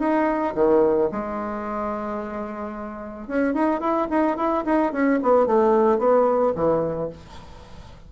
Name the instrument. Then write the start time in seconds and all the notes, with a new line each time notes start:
bassoon
0.00 D#4
0.56 D#3
1.12 G#3
3.28 C#4
3.54 D#4
3.81 E4
4.11 D#4
4.37 E4
4.66 D#4
4.93 C#4
5.23 B3
5.47 A3
5.99 B3
6.56 E3